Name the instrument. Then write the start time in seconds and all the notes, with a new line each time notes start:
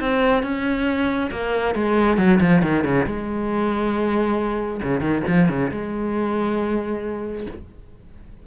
cello
0.00 C4
0.43 C#4
1.31 A#3
1.75 G#3
2.18 F#3
2.40 F3
2.62 D#3
2.84 C#3
3.06 G#3
4.83 C#3
5.00 D#3
5.27 F3
5.49 C#3
5.71 G#3